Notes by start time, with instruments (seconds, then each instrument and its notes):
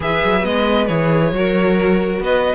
0.00 cello E3, viola G#4, violin B4 E5
0.24 cello F#3
0.43 cello G#3, viola B3, violin D#5
0.86 cello E3, viola G#4, violin C#5
1.32 cello F#3, viola F#4, violin A#4
2.19 cello B3, violin B4 D#5